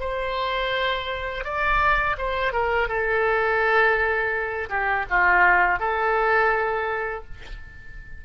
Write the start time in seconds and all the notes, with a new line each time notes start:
0.00 C5
1.44 D5
2.18 C5
2.53 A#4
2.88 A4
4.70 G4
5.10 F4
5.80 A4